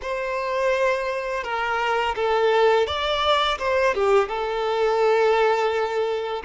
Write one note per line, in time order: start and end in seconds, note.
0.02 1.43 C5
1.43 2.15 A#4
2.15 2.86 A4
2.86 3.58 D5
3.58 3.94 C5
3.94 4.28 G4
4.28 6.43 A4